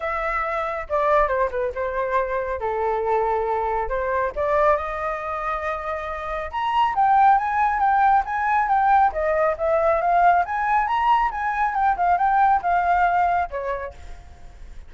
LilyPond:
\new Staff \with { instrumentName = "flute" } { \time 4/4 \tempo 4 = 138 e''2 d''4 c''8 b'8 | c''2 a'2~ | a'4 c''4 d''4 dis''4~ | dis''2. ais''4 |
g''4 gis''4 g''4 gis''4 | g''4 dis''4 e''4 f''4 | gis''4 ais''4 gis''4 g''8 f''8 | g''4 f''2 cis''4 | }